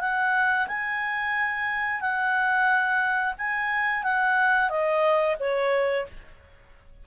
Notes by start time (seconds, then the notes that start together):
0.00 F#5
0.67 G#5
2.00 F#5
3.38 G#5
4.03 F#5
4.69 D#5
5.39 C#5